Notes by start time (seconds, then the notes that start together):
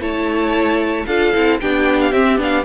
0.00 A3 E4 C#5 A5
1.06 D4 F4 A4 F5
1.34 C4 E4
1.60 B3 D4 G4 G5
2.01 F5
2.12 C4 E5
2.38 B3 D4 F5